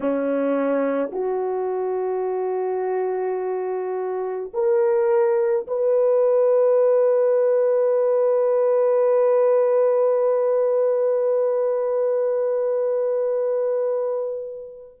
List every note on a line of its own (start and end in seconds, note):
0.00 1.10 C#4
1.12 4.51 F#4
4.53 5.66 A#4
5.67 15.00 B4